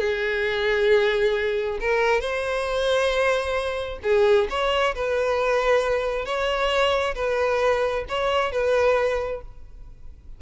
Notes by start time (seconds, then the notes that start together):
0.00 G#4
1.81 A#4
2.21 C5
4.03 G#4
4.50 C#5
4.95 B4
6.26 C#5
7.16 B4
8.09 C#5
8.52 B4